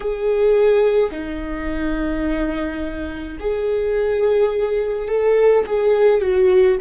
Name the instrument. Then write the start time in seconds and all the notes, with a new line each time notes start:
viola
0.00 G#4
1.11 D#4
3.39 G#4
5.07 A4
5.66 G#4
6.21 F#4